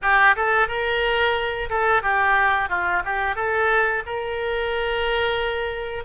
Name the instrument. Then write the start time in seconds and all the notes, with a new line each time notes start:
oboe
0.02 G4
0.36 A4
0.68 A#4
1.69 A4
2.02 G4
2.69 F4
3.05 G4
3.35 A4
4.06 A#4